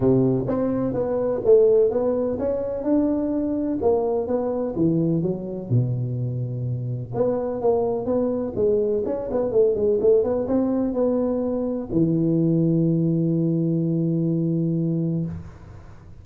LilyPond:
\new Staff \with { instrumentName = "tuba" } { \time 4/4 \tempo 4 = 126 c4 c'4 b4 a4 | b4 cis'4 d'2 | ais4 b4 e4 fis4 | b,2. b4 |
ais4 b4 gis4 cis'8 b8 | a8 gis8 a8 b8 c'4 b4~ | b4 e2.~ | e1 | }